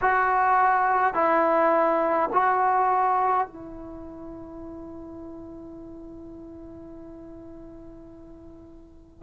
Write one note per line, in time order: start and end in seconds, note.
0.01 1.14 F#4
1.14 2.29 E4
2.32 3.47 F#4
3.47 9.22 E4